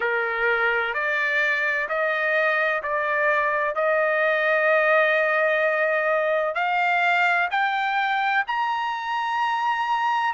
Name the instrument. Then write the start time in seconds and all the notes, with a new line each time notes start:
trumpet
0.00 A#4
0.94 D5
1.88 D#5
2.82 D5
3.75 D#5
6.55 F5
7.50 G5
8.47 A#5